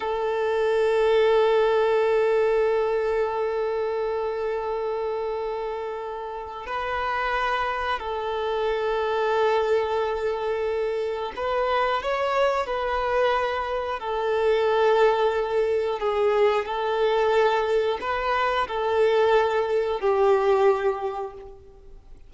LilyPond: \new Staff \with { instrumentName = "violin" } { \time 4/4 \tempo 4 = 90 a'1~ | a'1~ | a'2 b'2 | a'1~ |
a'4 b'4 cis''4 b'4~ | b'4 a'2. | gis'4 a'2 b'4 | a'2 g'2 | }